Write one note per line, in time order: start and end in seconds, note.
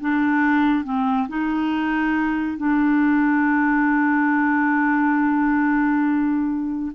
0.00 0.84 D4
0.84 1.28 C4
1.28 2.57 D#4
2.57 6.92 D4